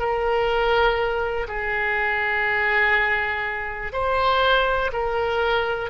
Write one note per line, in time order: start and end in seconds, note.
0.00 1.48 A#4
1.48 3.93 G#4
3.93 4.91 C5
4.93 5.91 A#4